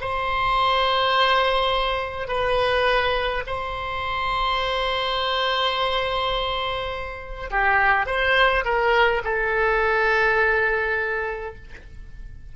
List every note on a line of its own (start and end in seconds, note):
0.00 2.27 C5
2.27 3.42 B4
3.46 7.50 C5
7.50 8.06 G4
8.06 8.64 C5
8.64 9.22 A#4
9.24 11.54 A4